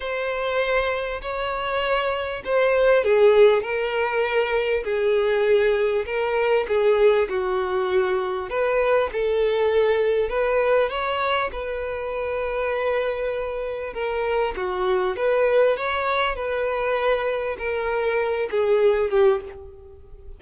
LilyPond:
\new Staff \with { instrumentName = "violin" } { \time 4/4 \tempo 4 = 99 c''2 cis''2 | c''4 gis'4 ais'2 | gis'2 ais'4 gis'4 | fis'2 b'4 a'4~ |
a'4 b'4 cis''4 b'4~ | b'2. ais'4 | fis'4 b'4 cis''4 b'4~ | b'4 ais'4. gis'4 g'8 | }